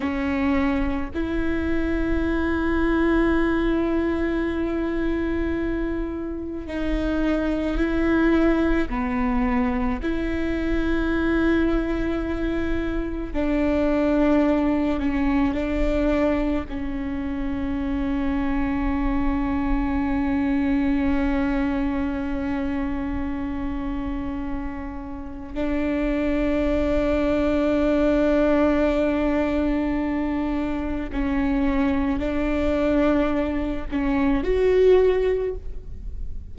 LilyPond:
\new Staff \with { instrumentName = "viola" } { \time 4/4 \tempo 4 = 54 cis'4 e'2.~ | e'2 dis'4 e'4 | b4 e'2. | d'4. cis'8 d'4 cis'4~ |
cis'1~ | cis'2. d'4~ | d'1 | cis'4 d'4. cis'8 fis'4 | }